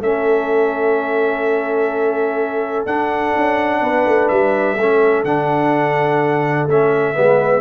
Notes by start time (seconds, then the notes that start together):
0.00 A3 C#4 A4 E5
2.86 D4 F#5
3.36 C#4
3.81 B3 B4
4.06 A3
4.28 G3 E5
4.78 A3 C#4 A4
5.25 D3 D4 F#5
6.68 A3 C#4 E5
7.14 G#3 B3 B4